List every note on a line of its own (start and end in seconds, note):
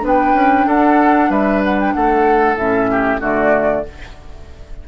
0.00 0.33 B3
0.00 2.55 D4
0.00 0.66 B4
0.07 0.68 G5
0.33 0.64 C#4
0.66 1.29 D4
0.66 1.29 A4
0.66 1.30 F#5
1.29 1.93 G3
1.29 1.93 B4
1.29 1.62 E5
1.64 1.80 F#5
1.80 1.93 G5
1.93 2.56 A3
1.93 2.90 A4
1.93 2.57 F#5
2.56 3.19 A2
2.56 3.20 C#4
2.56 3.21 E5
2.90 3.20 G4
3.20 3.84 D3
3.20 3.83 A3
3.20 3.84 F#4
3.20 3.87 D5